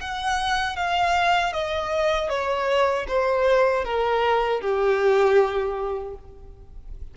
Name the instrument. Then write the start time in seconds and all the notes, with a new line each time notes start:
violin
0.00 F#5
0.76 F5
1.52 D#5
2.29 C#5
3.07 C5
3.84 A#4
4.60 G4